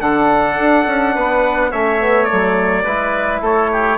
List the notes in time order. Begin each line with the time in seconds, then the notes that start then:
0.00 D3 D4 A4 F#5
0.57 D4
0.86 C#4
1.15 B3 B4
1.71 A3 C#4 C#5 E5
2.00 B3
2.25 A3 D5
2.32 F#3
2.84 G#3 E4 B4
3.41 A3 A4 C#5
3.72 G4